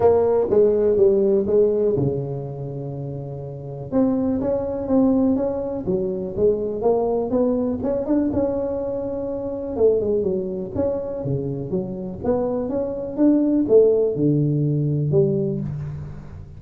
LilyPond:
\new Staff \with { instrumentName = "tuba" } { \time 4/4 \tempo 4 = 123 ais4 gis4 g4 gis4 | cis1 | c'4 cis'4 c'4 cis'4 | fis4 gis4 ais4 b4 |
cis'8 d'8 cis'2. | a8 gis8 fis4 cis'4 cis4 | fis4 b4 cis'4 d'4 | a4 d2 g4 | }